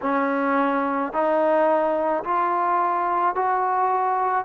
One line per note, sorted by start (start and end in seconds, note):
0.02 1.12 C#4
1.12 2.23 D#4
2.24 3.35 F4
3.35 4.44 F#4